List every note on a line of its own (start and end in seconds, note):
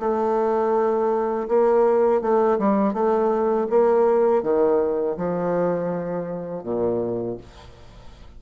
0.00 1.48 A3
1.48 2.22 A#3
2.22 2.59 A3
2.59 2.94 G3
2.94 3.68 A3
3.70 4.43 A#3
4.43 5.17 D#3
5.17 6.64 F3
6.64 7.38 A#2